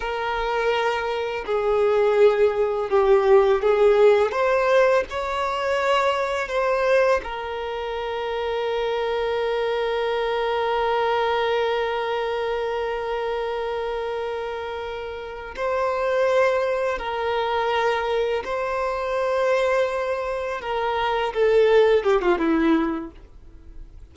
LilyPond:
\new Staff \with { instrumentName = "violin" } { \time 4/4 \tempo 4 = 83 ais'2 gis'2 | g'4 gis'4 c''4 cis''4~ | cis''4 c''4 ais'2~ | ais'1~ |
ais'1~ | ais'4. c''2 ais'8~ | ais'4. c''2~ c''8~ | c''8 ais'4 a'4 g'16 f'16 e'4 | }